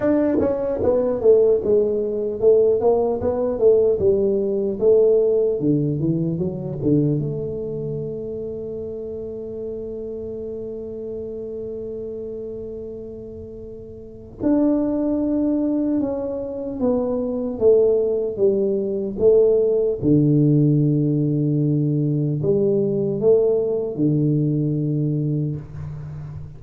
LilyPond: \new Staff \with { instrumentName = "tuba" } { \time 4/4 \tempo 4 = 75 d'8 cis'8 b8 a8 gis4 a8 ais8 | b8 a8 g4 a4 d8 e8 | fis8 d8 a2.~ | a1~ |
a2 d'2 | cis'4 b4 a4 g4 | a4 d2. | g4 a4 d2 | }